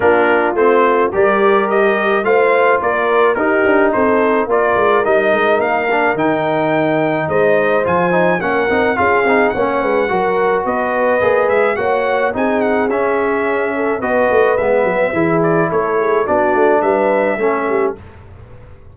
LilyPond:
<<
  \new Staff \with { instrumentName = "trumpet" } { \time 4/4 \tempo 4 = 107 ais'4 c''4 d''4 dis''4 | f''4 d''4 ais'4 c''4 | d''4 dis''4 f''4 g''4~ | g''4 dis''4 gis''4 fis''4 |
f''4 fis''2 dis''4~ | dis''8 e''8 fis''4 gis''8 fis''8 e''4~ | e''4 dis''4 e''4. d''8 | cis''4 d''4 e''2 | }
  \new Staff \with { instrumentName = "horn" } { \time 4/4 f'2 ais'2 | c''4 ais'4 g'4 a'4 | ais'1~ | ais'4 c''2 ais'4 |
gis'4 cis''8 b'8 ais'4 b'4~ | b'4 cis''4 gis'2~ | gis'8 a'8 b'2 gis'4 | a'8 gis'8 fis'4 b'4 a'8 g'8 | }
  \new Staff \with { instrumentName = "trombone" } { \time 4/4 d'4 c'4 g'2 | f'2 dis'2 | f'4 dis'4. d'8 dis'4~ | dis'2 f'8 dis'8 cis'8 dis'8 |
f'8 dis'8 cis'4 fis'2 | gis'4 fis'4 dis'4 cis'4~ | cis'4 fis'4 b4 e'4~ | e'4 d'2 cis'4 | }
  \new Staff \with { instrumentName = "tuba" } { \time 4/4 ais4 a4 g2 | a4 ais4 dis'8 d'8 c'4 | ais8 gis8 g8 gis8 ais4 dis4~ | dis4 gis4 f4 ais8 c'8 |
cis'8 c'8 ais8 gis8 fis4 b4 | ais8 gis8 ais4 c'4 cis'4~ | cis'4 b8 a8 gis8 fis8 e4 | a4 b8 a8 g4 a4 | }
>>